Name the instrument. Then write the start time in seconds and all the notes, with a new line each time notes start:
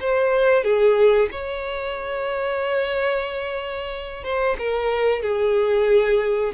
violin
0.00 C5
0.64 G#4
1.31 C#5
4.24 C5
4.58 A#4
5.22 G#4